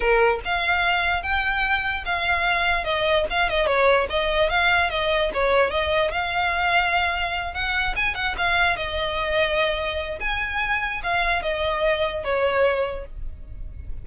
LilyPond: \new Staff \with { instrumentName = "violin" } { \time 4/4 \tempo 4 = 147 ais'4 f''2 g''4~ | g''4 f''2 dis''4 | f''8 dis''8 cis''4 dis''4 f''4 | dis''4 cis''4 dis''4 f''4~ |
f''2~ f''8 fis''4 gis''8 | fis''8 f''4 dis''2~ dis''8~ | dis''4 gis''2 f''4 | dis''2 cis''2 | }